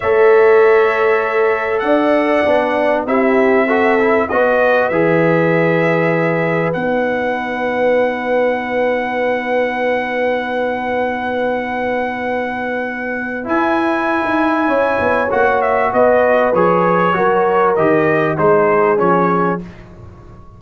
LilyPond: <<
  \new Staff \with { instrumentName = "trumpet" } { \time 4/4 \tempo 4 = 98 e''2. fis''4~ | fis''4 e''2 dis''4 | e''2. fis''4~ | fis''1~ |
fis''1~ | fis''2 gis''2~ | gis''4 fis''8 e''8 dis''4 cis''4~ | cis''4 dis''4 c''4 cis''4 | }
  \new Staff \with { instrumentName = "horn" } { \time 4/4 cis''2. d''4~ | d''4 g'4 a'4 b'4~ | b'1~ | b'1~ |
b'1~ | b'1 | cis''2 b'2 | ais'2 gis'2 | }
  \new Staff \with { instrumentName = "trombone" } { \time 4/4 a'1 | d'4 e'4 fis'8 e'8 fis'4 | gis'2. dis'4~ | dis'1~ |
dis'1~ | dis'2 e'2~ | e'4 fis'2 gis'4 | fis'4 g'4 dis'4 cis'4 | }
  \new Staff \with { instrumentName = "tuba" } { \time 4/4 a2. d'4 | b4 c'2 b4 | e2. b4~ | b1~ |
b1~ | b2 e'4~ e'16 dis'8. | cis'8 b8 ais4 b4 f4 | fis4 dis4 gis4 f4 | }
>>